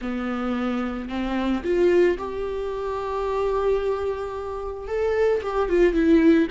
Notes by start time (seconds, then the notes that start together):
0.01 B3
1.09 C4
1.63 F4
2.18 G4
4.87 A4
5.42 G4
5.69 F4
5.93 E4